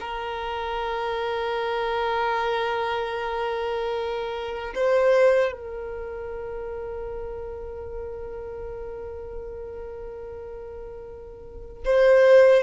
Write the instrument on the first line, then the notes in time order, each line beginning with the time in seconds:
violin
0.00 A#4
4.75 C5
5.52 A#4
11.85 C5